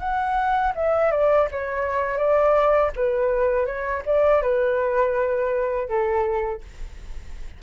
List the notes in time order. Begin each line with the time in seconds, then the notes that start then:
0.00 F#5
0.75 E5
1.12 D5
1.52 C#5
2.18 D5
2.96 B4
3.66 C#5
4.06 D5
4.42 B4
5.89 A4